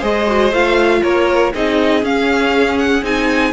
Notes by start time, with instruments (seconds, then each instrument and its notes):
0.00 cello G#3, viola G#4, violin C5 D#5
0.27 viola F#4
0.53 cello A3, viola F4, violin F5
1.03 cello A#3, violin A#4 C#5
1.54 cello C4, viola D#4, violin G#4 D#5
2.03 viola C#4, cello C#4, violin F5
2.79 violin F#5
3.03 cello C4, viola D#4, violin G#5